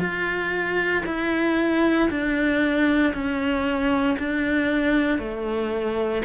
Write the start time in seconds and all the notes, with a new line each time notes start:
0.00 F4
1.06 E4
2.10 D4
3.14 C#4
4.19 D4
5.19 A3